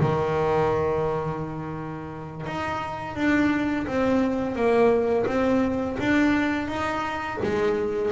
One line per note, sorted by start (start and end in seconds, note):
0.00 2.46 D#3
2.46 3.16 D#4
3.16 3.87 D4
3.87 4.56 C4
4.56 5.26 A#3
5.27 5.97 C4
6.00 6.68 D4
6.68 7.39 D#4
7.43 8.12 G#3